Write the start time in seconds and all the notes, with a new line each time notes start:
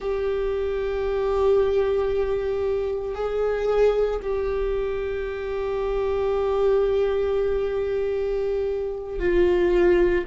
0.00 G4
3.14 G#4
4.22 G4
9.19 F4